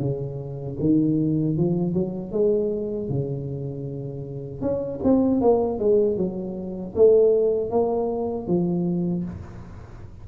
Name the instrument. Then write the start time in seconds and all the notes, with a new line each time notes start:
tuba
0.00 C#3
0.80 D#3
1.57 F3
1.93 F#3
2.32 G#3
3.09 C#3
4.62 C#4
5.03 C4
5.41 A#3
5.79 G#3
6.17 F#3
6.95 A3
7.71 A#3
8.48 F3